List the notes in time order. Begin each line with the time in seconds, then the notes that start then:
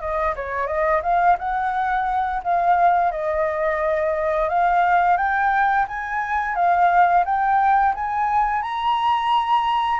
0.00 D#5
0.35 C#5
0.67 D#5
1.03 F5
1.39 F#5
2.43 F5
3.11 D#5
4.49 F5
5.17 G5
5.88 G#5
6.55 F5
7.25 G5
7.95 G#5
8.62 A#5